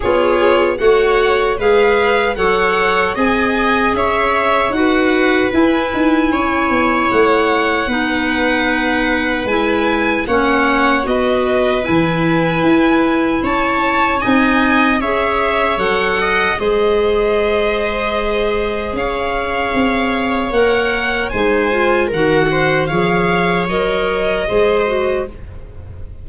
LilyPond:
<<
  \new Staff \with { instrumentName = "violin" } { \time 4/4 \tempo 4 = 76 cis''4 fis''4 f''4 fis''4 | gis''4 e''4 fis''4 gis''4~ | gis''4 fis''2. | gis''4 fis''4 dis''4 gis''4~ |
gis''4 a''4 gis''4 e''4 | fis''4 dis''2. | f''2 fis''4 gis''4 | fis''4 f''4 dis''2 | }
  \new Staff \with { instrumentName = "viola" } { \time 4/4 gis'4 cis''4 b'4 cis''4 | dis''4 cis''4 b'2 | cis''2 b'2~ | b'4 cis''4 b'2~ |
b'4 cis''4 dis''4 cis''4~ | cis''8 dis''8 c''2. | cis''2. c''4 | ais'8 c''8 cis''2 c''4 | }
  \new Staff \with { instrumentName = "clarinet" } { \time 4/4 f'4 fis'4 gis'4 a'4 | gis'2 fis'4 e'4~ | e'2 dis'2 | e'4 cis'4 fis'4 e'4~ |
e'2 dis'4 gis'4 | a'4 gis'2.~ | gis'2 ais'4 dis'8 f'8 | fis'4 gis'4 ais'4 gis'8 fis'8 | }
  \new Staff \with { instrumentName = "tuba" } { \time 4/4 b4 a4 gis4 fis4 | c'4 cis'4 dis'4 e'8 dis'8 | cis'8 b8 a4 b2 | gis4 ais4 b4 e4 |
e'4 cis'4 c'4 cis'4 | fis4 gis2. | cis'4 c'4 ais4 gis4 | dis4 f4 fis4 gis4 | }
>>